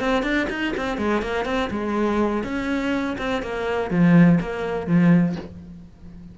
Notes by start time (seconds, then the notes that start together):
0.00 C4
0.23 D4
0.49 D#4
0.77 C4
0.97 G#3
1.22 A#3
1.45 C4
1.70 G#3
2.43 C#4
3.18 C4
3.42 A#3
3.90 F3
4.40 A#3
4.87 F3